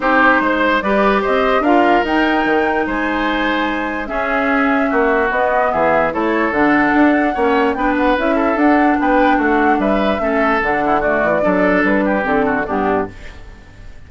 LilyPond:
<<
  \new Staff \with { instrumentName = "flute" } { \time 4/4 \tempo 4 = 147 c''2 d''4 dis''4 | f''4 g''2 gis''4~ | gis''2 e''2~ | e''4 dis''4 e''4 cis''4 |
fis''2. g''8 fis''8 | e''4 fis''4 g''4 fis''4 | e''2 fis''4 d''4~ | d''4 b'4 a'4 g'4 | }
  \new Staff \with { instrumentName = "oboe" } { \time 4/4 g'4 c''4 b'4 c''4 | ais'2. c''4~ | c''2 gis'2 | fis'2 gis'4 a'4~ |
a'2 cis''4 b'4~ | b'8 a'4. b'4 fis'4 | b'4 a'4. e'8 fis'4 | a'4. g'4 fis'8 d'4 | }
  \new Staff \with { instrumentName = "clarinet" } { \time 4/4 dis'2 g'2 | f'4 dis'2.~ | dis'2 cis'2~ | cis'4 b2 e'4 |
d'2 cis'4 d'4 | e'4 d'2.~ | d'4 cis'4 d'4 a4 | d'2 c'4 b4 | }
  \new Staff \with { instrumentName = "bassoon" } { \time 4/4 c'4 gis4 g4 c'4 | d'4 dis'4 dis4 gis4~ | gis2 cis'2 | ais4 b4 e4 a4 |
d4 d'4 ais4 b4 | cis'4 d'4 b4 a4 | g4 a4 d4. e8 | fis4 g4 d4 g,4 | }
>>